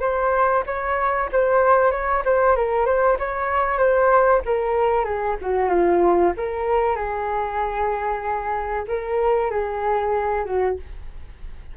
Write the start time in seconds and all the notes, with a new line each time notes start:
0.00 C5
0.66 C#5
1.32 C5
1.91 C#5
2.25 C5
2.56 A#4
2.86 C5
3.19 C#5
3.78 C5
4.45 A#4
5.04 G#4
5.41 F#4
5.69 F4
6.37 A#4
6.96 G#4
8.87 A#4
9.50 G#4
10.45 F#4